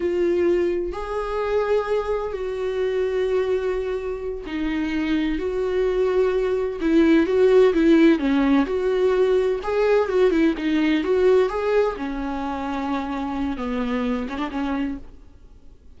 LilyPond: \new Staff \with { instrumentName = "viola" } { \time 4/4 \tempo 4 = 128 f'2 gis'2~ | gis'4 fis'2.~ | fis'4. dis'2 fis'8~ | fis'2~ fis'8 e'4 fis'8~ |
fis'8 e'4 cis'4 fis'4.~ | fis'8 gis'4 fis'8 e'8 dis'4 fis'8~ | fis'8 gis'4 cis'2~ cis'8~ | cis'4 b4. cis'16 d'16 cis'4 | }